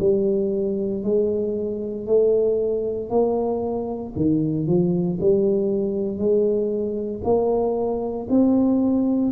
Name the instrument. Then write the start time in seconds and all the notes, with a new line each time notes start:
tuba
0.00 G3
1.04 G#3
2.07 A3
3.10 A#3
4.17 D#3
4.67 F3
5.21 G3
6.18 G#3
7.25 A#3
8.30 C4